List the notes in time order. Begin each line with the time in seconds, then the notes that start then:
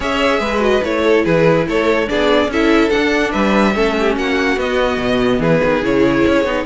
0.00 C#4 G#4 C#5 E5
0.39 G#3 B4
0.59 F#4 D#5
0.83 A3 E4 C#5
1.03 A4
1.24 E3 G#4 B4
1.67 A3 A4 C#5
2.07 B3 D4 G#4 D5
2.47 C#4 E4 A4 E5
2.89 D4 F#5
2.96 D4
3.32 G3 B4 E5
3.74 A3 C#4 A4
3.99 G4
4.16 A#3 F#4 F#5
4.56 B3 D#5
4.97 B2
5.39 E3 G#4 B4
5.63 D#3
5.82 C#3 E4 C#5
6.27 C#4
6.43 B3 D#4